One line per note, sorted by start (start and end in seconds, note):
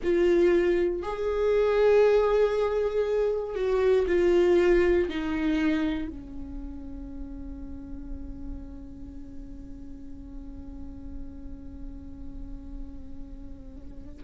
0.03 1.02 F4
1.02 3.55 G#4
3.55 4.06 F#4
4.07 5.08 F4
5.09 6.08 D#4
6.08 14.21 C#4